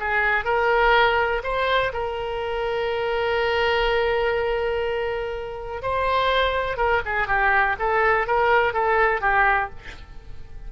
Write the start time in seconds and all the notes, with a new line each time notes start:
0.00 G#4
0.45 A#4
1.43 C5
1.93 A#4
5.82 C5
6.77 A#4
7.06 G#4
7.27 G4
7.79 A4
8.27 A#4
8.74 A4
9.21 G4